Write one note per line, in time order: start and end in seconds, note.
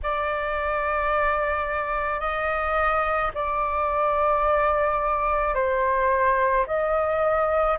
0.03 2.20 D5
2.20 3.31 D#5
3.34 5.54 D5
5.54 6.65 C5
6.67 7.78 D#5